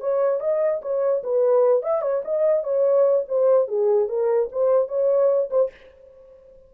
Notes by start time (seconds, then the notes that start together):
0.00 C#5
0.40 D#5
0.82 C#5
1.23 B4
1.83 E5
2.01 C#5
2.24 D#5
2.63 C#5
3.28 C5
3.68 G#4
4.08 A#4
4.52 C5
4.88 C#5
5.50 C5